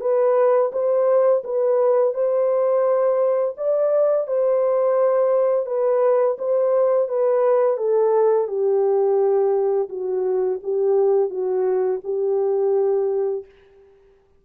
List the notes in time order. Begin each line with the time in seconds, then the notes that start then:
0.00 B4
0.72 C5
1.43 B4
2.13 C5
3.56 D5
4.27 C5
5.66 B4
6.38 C5
7.08 B4
7.77 A4
8.47 G4
9.89 F#4
10.63 G4
11.29 F#4
12.04 G4